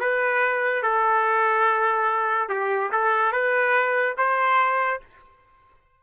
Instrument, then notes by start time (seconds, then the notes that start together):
trumpet
0.00 B4
0.83 A4
2.49 G4
2.92 A4
3.32 B4
4.17 C5